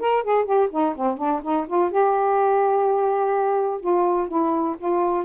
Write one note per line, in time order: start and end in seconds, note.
0.00 0.24 A#4
0.24 0.45 G#4
0.45 0.69 G4
0.71 0.95 D#4
0.96 1.17 C4
1.17 1.41 D4
1.43 1.67 D#4
1.68 1.92 F4
1.92 3.81 G4
3.81 4.28 F4
4.28 4.76 E4
4.79 5.26 F4